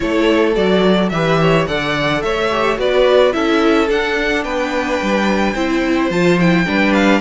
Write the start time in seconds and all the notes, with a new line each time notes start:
0.00 A3 E4 A4 C#5
0.55 F#3 F#4 D5
1.09 E3 G4 B4 E5
1.40 C#5
1.66 D3 A4 D5 F#5
2.22 A3 C#5 E5
2.51 G4
2.76 B3 F#4 B4 D5
3.32 C#4 E4 A4 E5
3.89 D4 F#5
4.44 B3 B4 G5
5.02 G3
5.54 C4 E4 C5
6.10 F3 F4 A5
6.40 E4 G5
6.66 G3 D4 B4
6.93 F5